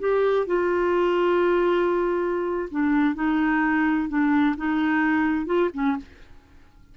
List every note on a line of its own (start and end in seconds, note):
0.00 0.47 G4
0.47 2.70 F4
2.71 3.15 D4
3.15 4.09 D#4
4.09 4.56 D4
4.57 5.47 D#4
5.47 5.70 F4
5.74 5.97 C#4